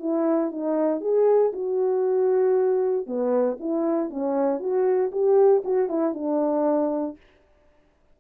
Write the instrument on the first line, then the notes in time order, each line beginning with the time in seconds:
horn
0.00 E4
0.52 D#4
1.01 G#4
1.53 F#4
3.07 B3
3.60 E4
4.10 C#4
4.60 F#4
5.12 G4
5.65 F#4
5.89 E4
6.14 D4